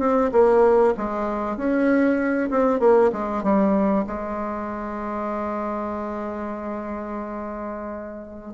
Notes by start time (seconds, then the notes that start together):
0.00 C4
0.33 A#3
0.98 G#3
1.57 C#4
2.51 C4
2.80 A#3
3.13 G#3
3.44 G3
4.07 G#3